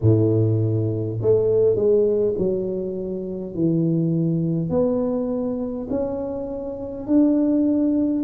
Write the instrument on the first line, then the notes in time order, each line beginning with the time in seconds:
tuba
0.01 A2
1.21 A3
1.75 G#3
2.38 F#3
3.54 E3
4.70 B3
5.89 C#4
7.06 D4